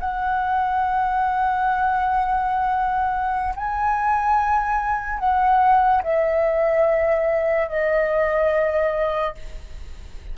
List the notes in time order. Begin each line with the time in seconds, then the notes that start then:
0.00 F#5
3.56 G#5
5.19 F#5
6.03 E5
7.68 D#5